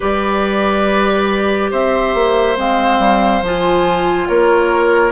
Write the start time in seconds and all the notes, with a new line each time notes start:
0.00 G3 G4 B4 D5
1.71 C4 C5 E5
2.14 A#3
2.57 G#3 C4 F5
2.98 G3
3.42 F3 F4 G#5
4.27 A#3 A#4 C#5